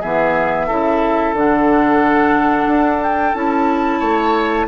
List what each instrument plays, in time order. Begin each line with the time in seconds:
0.00 bassoon E3, clarinet B3, oboe G#4, flute E5
0.67 bassoon C#3, clarinet E4, oboe A4
1.33 bassoon D3, clarinet D4, flute F#5
2.67 bassoon D4
3.03 flute G5
3.34 bassoon C#4, clarinet E4, flute A5
3.99 bassoon A3, oboe C#5